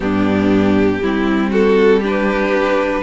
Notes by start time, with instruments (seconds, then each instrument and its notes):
0.00 cello G2, viola B3, violin D4 G4
1.02 cello G3, viola C4, violin E4
1.50 violin F#4 A4
1.99 viola D4, violin G4
2.05 violin B4